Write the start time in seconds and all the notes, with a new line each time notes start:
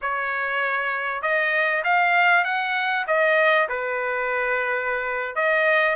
0.01 C#5
1.22 D#5
1.83 F5
2.44 F#5
3.07 D#5
3.68 B4
5.35 D#5